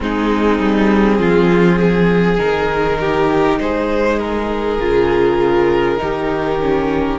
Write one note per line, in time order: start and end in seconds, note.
0.00 0.59 G#3
0.00 2.38 C4
0.00 1.19 D#4
0.00 2.38 G#4
0.59 1.19 G3
1.19 2.39 F3
1.19 1.78 F4
1.78 2.98 G#4
2.38 3.58 D#3
2.38 4.78 D#4
2.38 3.58 A#4
3.00 3.60 G4
3.58 4.79 G#3
3.58 6.01 G#4
3.58 4.19 C5
4.19 7.19 A#4
4.79 5.99 C#3
4.79 5.98 F4
5.98 7.19 D#3
5.98 6.58 D#4
5.98 7.19 G4
6.60 7.19 C#4